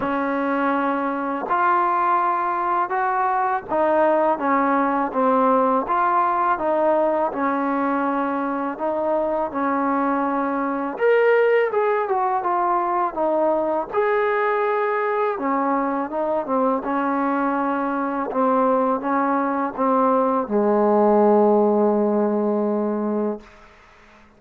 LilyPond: \new Staff \with { instrumentName = "trombone" } { \time 4/4 \tempo 4 = 82 cis'2 f'2 | fis'4 dis'4 cis'4 c'4 | f'4 dis'4 cis'2 | dis'4 cis'2 ais'4 |
gis'8 fis'8 f'4 dis'4 gis'4~ | gis'4 cis'4 dis'8 c'8 cis'4~ | cis'4 c'4 cis'4 c'4 | gis1 | }